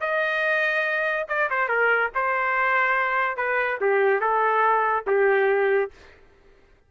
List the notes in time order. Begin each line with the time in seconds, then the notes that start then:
0.00 D#5
1.28 D5
1.50 C5
1.68 A#4
2.15 C5
3.36 B4
3.80 G4
4.20 A4
5.07 G4